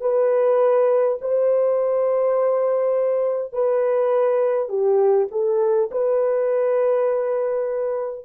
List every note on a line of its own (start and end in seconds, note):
0.00 1.18 B4
1.21 3.53 C5
3.53 4.69 B4
4.69 5.28 G4
5.31 5.90 A4
5.91 8.25 B4